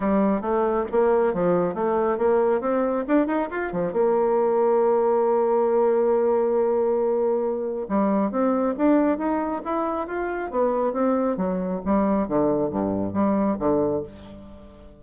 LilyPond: \new Staff \with { instrumentName = "bassoon" } { \time 4/4 \tempo 4 = 137 g4 a4 ais4 f4 | a4 ais4 c'4 d'8 dis'8 | f'8 f8 ais2.~ | ais1~ |
ais2 g4 c'4 | d'4 dis'4 e'4 f'4 | b4 c'4 fis4 g4 | d4 g,4 g4 d4 | }